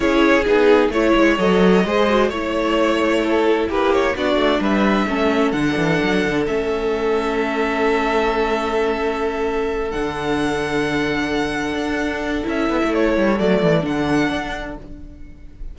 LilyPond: <<
  \new Staff \with { instrumentName = "violin" } { \time 4/4 \tempo 4 = 130 cis''4 gis'4 cis''4 dis''4~ | dis''4 cis''2. | b'8 cis''8 d''4 e''2 | fis''2 e''2~ |
e''1~ | e''4. fis''2~ fis''8~ | fis''2. e''4 | cis''4 d''4 fis''2 | }
  \new Staff \with { instrumentName = "violin" } { \time 4/4 gis'2 cis''2 | c''4 cis''2 a'4 | g'4 fis'4 b'4 a'4~ | a'1~ |
a'1~ | a'1~ | a'1~ | a'1 | }
  \new Staff \with { instrumentName = "viola" } { \time 4/4 e'4 dis'4 e'4 a'4 | gis'8 fis'8 e'2.~ | e'4 d'2 cis'4 | d'2 cis'2~ |
cis'1~ | cis'4. d'2~ d'8~ | d'2. e'4~ | e'4 a4 d'2 | }
  \new Staff \with { instrumentName = "cello" } { \time 4/4 cis'4 b4 a8 gis8 fis4 | gis4 a2. | ais4 b8 a8 g4 a4 | d8 e8 fis8 d8 a2~ |
a1~ | a4. d2~ d8~ | d4. d'4. cis'8 b16 a16~ | a8 g8 fis8 e8 d4 d'4 | }
>>